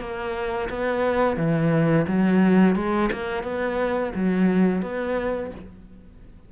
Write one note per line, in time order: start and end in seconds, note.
0.00 0.69 A#3
0.70 1.37 B3
1.37 2.06 E3
2.08 2.76 F#3
2.76 3.10 G#3
3.13 3.44 A#3
3.44 4.13 B3
4.15 4.82 F#3
4.82 5.51 B3